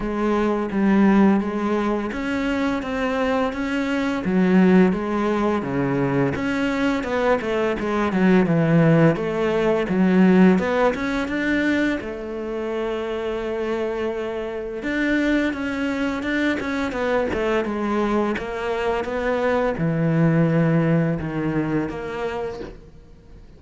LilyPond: \new Staff \with { instrumentName = "cello" } { \time 4/4 \tempo 4 = 85 gis4 g4 gis4 cis'4 | c'4 cis'4 fis4 gis4 | cis4 cis'4 b8 a8 gis8 fis8 | e4 a4 fis4 b8 cis'8 |
d'4 a2.~ | a4 d'4 cis'4 d'8 cis'8 | b8 a8 gis4 ais4 b4 | e2 dis4 ais4 | }